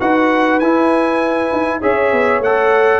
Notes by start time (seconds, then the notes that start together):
0.00 D#4 F#4 B4 F#5
0.59 E4 G#5
1.52 D#4
1.80 C#4 G#4 C#5 E5
2.12 B3
2.40 A3 A4 F#5